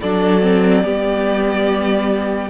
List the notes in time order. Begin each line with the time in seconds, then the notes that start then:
0.00 F#3 D4 A4 D5
0.41 C4
0.83 G3 B3 G4